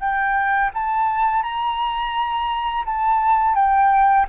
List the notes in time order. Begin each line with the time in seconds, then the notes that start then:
0.00 G5
0.74 A5
1.43 A#5
2.86 A5
3.55 G5